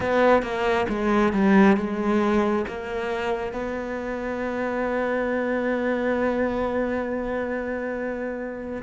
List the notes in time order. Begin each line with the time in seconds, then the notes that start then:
0.00 B3
0.42 A#3
0.88 G#3
1.32 G3
1.76 G#3
2.67 A#3
3.53 B3